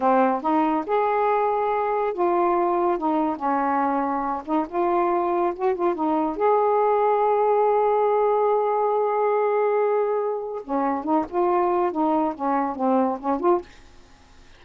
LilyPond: \new Staff \with { instrumentName = "saxophone" } { \time 4/4 \tempo 4 = 141 c'4 dis'4 gis'2~ | gis'4 f'2 dis'4 | cis'2~ cis'8 dis'8 f'4~ | f'4 fis'8 f'8 dis'4 gis'4~ |
gis'1~ | gis'1~ | gis'4 cis'4 dis'8 f'4. | dis'4 cis'4 c'4 cis'8 f'8 | }